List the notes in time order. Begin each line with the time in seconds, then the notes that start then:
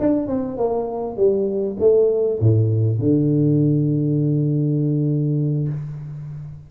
0.00 D4
0.27 C4
0.58 A#3
1.17 G3
1.80 A3
2.40 A2
2.99 D3